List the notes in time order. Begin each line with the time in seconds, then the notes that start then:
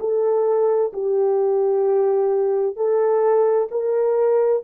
0.00 A4
0.93 G4
2.76 A4
3.71 A#4